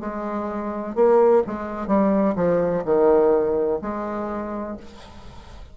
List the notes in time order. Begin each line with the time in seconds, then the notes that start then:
0.00 G#3
0.95 A#3
1.47 G#3
1.87 G3
2.35 F3
2.85 D#3
3.82 G#3